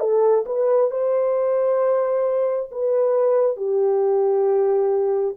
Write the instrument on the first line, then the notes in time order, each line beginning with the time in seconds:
horn
0.00 A4
0.46 B4
0.91 C5
2.72 B4
3.57 G4